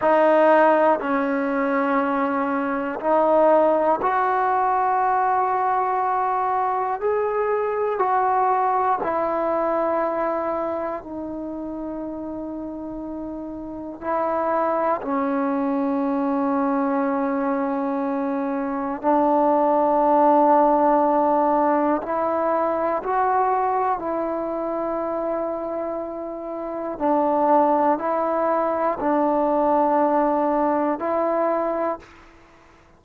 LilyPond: \new Staff \with { instrumentName = "trombone" } { \time 4/4 \tempo 4 = 60 dis'4 cis'2 dis'4 | fis'2. gis'4 | fis'4 e'2 dis'4~ | dis'2 e'4 cis'4~ |
cis'2. d'4~ | d'2 e'4 fis'4 | e'2. d'4 | e'4 d'2 e'4 | }